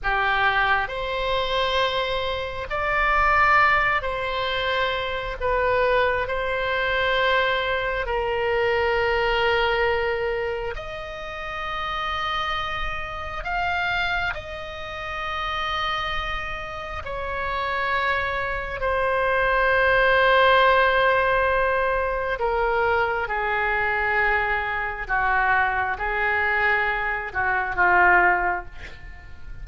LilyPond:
\new Staff \with { instrumentName = "oboe" } { \time 4/4 \tempo 4 = 67 g'4 c''2 d''4~ | d''8 c''4. b'4 c''4~ | c''4 ais'2. | dis''2. f''4 |
dis''2. cis''4~ | cis''4 c''2.~ | c''4 ais'4 gis'2 | fis'4 gis'4. fis'8 f'4 | }